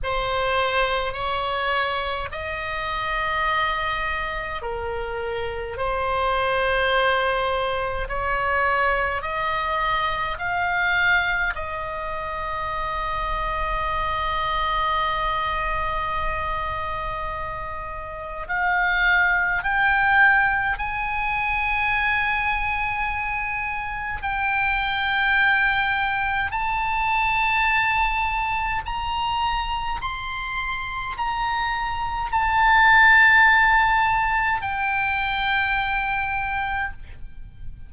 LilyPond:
\new Staff \with { instrumentName = "oboe" } { \time 4/4 \tempo 4 = 52 c''4 cis''4 dis''2 | ais'4 c''2 cis''4 | dis''4 f''4 dis''2~ | dis''1 |
f''4 g''4 gis''2~ | gis''4 g''2 a''4~ | a''4 ais''4 c'''4 ais''4 | a''2 g''2 | }